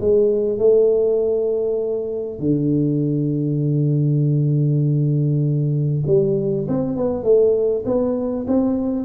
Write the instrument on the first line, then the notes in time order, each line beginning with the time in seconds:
tuba
0.00 G#3
0.58 A3
2.39 D3
6.07 G3
6.68 C4
6.96 B3
7.23 A3
7.85 B3
8.47 C4